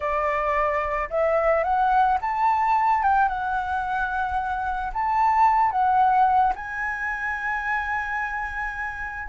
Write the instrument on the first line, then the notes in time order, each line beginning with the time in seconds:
flute
0.00 D5
1.09 E5
1.63 F#5
2.21 A5
3.02 G5
3.28 F#5
4.93 A5
5.71 F#5
6.55 G#5